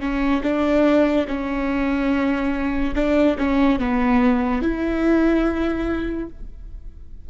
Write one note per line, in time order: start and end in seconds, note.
0.00 0.42 C#4
0.43 1.26 D4
1.28 2.95 C#4
2.95 3.37 D4
3.38 3.80 C#4
3.80 4.62 B3
4.62 6.29 E4